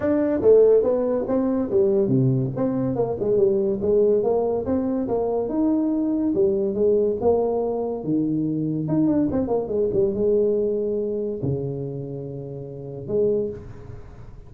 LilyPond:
\new Staff \with { instrumentName = "tuba" } { \time 4/4 \tempo 4 = 142 d'4 a4 b4 c'4 | g4 c4 c'4 ais8 gis8 | g4 gis4 ais4 c'4 | ais4 dis'2 g4 |
gis4 ais2 dis4~ | dis4 dis'8 d'8 c'8 ais8 gis8 g8 | gis2. cis4~ | cis2. gis4 | }